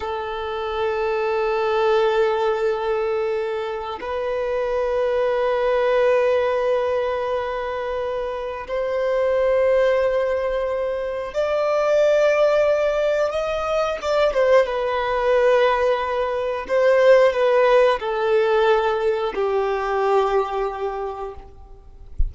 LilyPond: \new Staff \with { instrumentName = "violin" } { \time 4/4 \tempo 4 = 90 a'1~ | a'2 b'2~ | b'1~ | b'4 c''2.~ |
c''4 d''2. | dis''4 d''8 c''8 b'2~ | b'4 c''4 b'4 a'4~ | a'4 g'2. | }